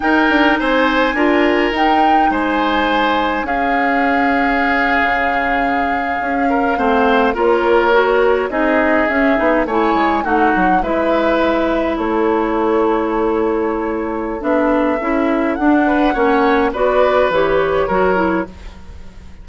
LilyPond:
<<
  \new Staff \with { instrumentName = "flute" } { \time 4/4 \tempo 4 = 104 g''4 gis''2 g''4 | gis''2 f''2~ | f''1~ | f''8. cis''2 dis''4 e''16~ |
e''8. gis''4 fis''4 e''4~ e''16~ | e''8. cis''2.~ cis''16~ | cis''4 e''2 fis''4~ | fis''4 d''4 cis''2 | }
  \new Staff \with { instrumentName = "oboe" } { \time 4/4 ais'4 c''4 ais'2 | c''2 gis'2~ | gis'2.~ gis'16 ais'8 c''16~ | c''8. ais'2 gis'4~ gis'16~ |
gis'8. cis''4 fis'4 b'4~ b'16~ | b'8. a'2.~ a'16~ | a'2.~ a'8 b'8 | cis''4 b'2 ais'4 | }
  \new Staff \with { instrumentName = "clarinet" } { \time 4/4 dis'2 f'4 dis'4~ | dis'2 cis'2~ | cis'2.~ cis'8. c'16~ | c'8. f'4 fis'4 dis'4 cis'16~ |
cis'16 dis'8 e'4 dis'4 e'4~ e'16~ | e'1~ | e'4 d'4 e'4 d'4 | cis'4 fis'4 g'4 fis'8 e'8 | }
  \new Staff \with { instrumentName = "bassoon" } { \time 4/4 dis'8 d'8 c'4 d'4 dis'4 | gis2 cis'2~ | cis'8. cis2 cis'4 a16~ | a8. ais2 c'4 cis'16~ |
cis'16 b8 a8 gis8 a8 fis8 gis4~ gis16~ | gis8. a2.~ a16~ | a4 b4 cis'4 d'4 | ais4 b4 e4 fis4 | }
>>